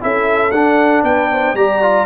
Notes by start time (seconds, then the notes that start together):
0.00 C#4 E4 A4 E5
0.51 D4 F#5
1.03 B3 B4 G5
1.31 C5
1.54 G3 G4 D5 A#5
1.82 F4